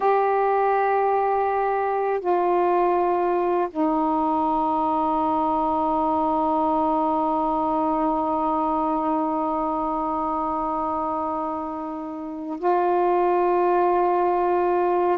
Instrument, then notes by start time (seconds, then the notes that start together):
saxophone
0.00 G4
2.20 F4
3.70 D#4
12.59 F4